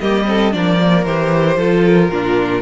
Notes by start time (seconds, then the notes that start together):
0.00 G3 A#3 G4 D#5
0.25 C4 A4
0.51 F3 D4 A#4 D5
0.79 A#3
1.05 E3 G4 C5
1.56 F3 F4 A4
1.85 A#4
2.09 A#2 D4 F4